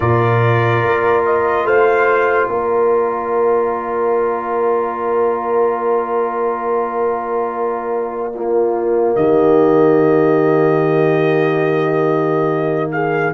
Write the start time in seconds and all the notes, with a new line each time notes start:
0.00 A#2 F4 A#4 D5
0.83 A#3
1.25 D#5
1.64 A3 C5 F5
2.47 A#3 A#4 D5
8.34 A#3 F4
9.15 D#3 G4 D#5
12.91 G#4 F5